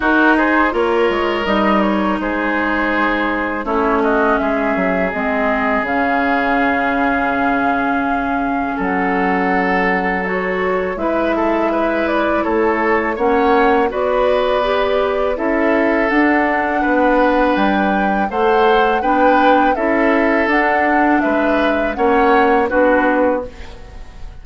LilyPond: <<
  \new Staff \with { instrumentName = "flute" } { \time 4/4 \tempo 4 = 82 ais'8 c''8 cis''4 dis''8 cis''8 c''4~ | c''4 cis''8 dis''8 e''4 dis''4 | f''1 | fis''2 cis''4 e''4~ |
e''8 d''8 cis''4 fis''4 d''4~ | d''4 e''4 fis''2 | g''4 fis''4 g''4 e''4 | fis''4 e''4 fis''4 b'4 | }
  \new Staff \with { instrumentName = "oboe" } { \time 4/4 fis'8 gis'8 ais'2 gis'4~ | gis'4 e'8 fis'8 gis'2~ | gis'1 | a'2. b'8 a'8 |
b'4 a'4 cis''4 b'4~ | b'4 a'2 b'4~ | b'4 c''4 b'4 a'4~ | a'4 b'4 cis''4 fis'4 | }
  \new Staff \with { instrumentName = "clarinet" } { \time 4/4 dis'4 f'4 dis'2~ | dis'4 cis'2 c'4 | cis'1~ | cis'2 fis'4 e'4~ |
e'2 cis'4 fis'4 | g'4 e'4 d'2~ | d'4 a'4 d'4 e'4 | d'2 cis'4 d'4 | }
  \new Staff \with { instrumentName = "bassoon" } { \time 4/4 dis'4 ais8 gis8 g4 gis4~ | gis4 a4 gis8 fis8 gis4 | cis1 | fis2. gis4~ |
gis4 a4 ais4 b4~ | b4 cis'4 d'4 b4 | g4 a4 b4 cis'4 | d'4 gis4 ais4 b4 | }
>>